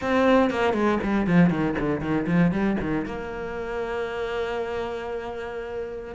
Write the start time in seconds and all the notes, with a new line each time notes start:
0.01 C4
0.50 A#3
0.73 G#3
1.03 G3
1.26 F3
1.50 D#3
1.79 D3
2.01 D#3
2.26 F3
2.51 G3
2.80 D#3
3.05 A#3